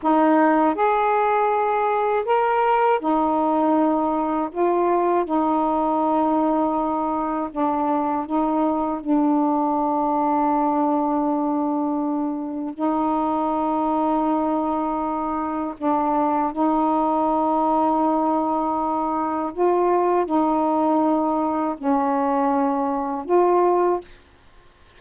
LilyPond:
\new Staff \with { instrumentName = "saxophone" } { \time 4/4 \tempo 4 = 80 dis'4 gis'2 ais'4 | dis'2 f'4 dis'4~ | dis'2 d'4 dis'4 | d'1~ |
d'4 dis'2.~ | dis'4 d'4 dis'2~ | dis'2 f'4 dis'4~ | dis'4 cis'2 f'4 | }